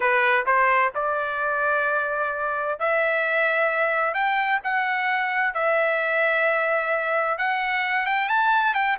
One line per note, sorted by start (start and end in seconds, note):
0.00 0.45 B4
0.46 0.92 C5
0.95 2.79 D5
2.79 4.13 E5
4.13 4.60 G5
4.63 5.54 F#5
5.54 7.38 E5
7.38 8.06 F#5
8.06 8.28 G5
8.28 8.74 A5
8.74 8.97 G5